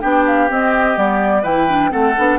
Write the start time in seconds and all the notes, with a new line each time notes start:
0.00 B3 D4 G4 G5
0.26 F5
0.49 C4 D#5
0.94 G3 B3 D5
1.42 E3 E4 B4 G5
1.68 D4
1.90 A3 C4 A4 F#5
2.17 B3 D4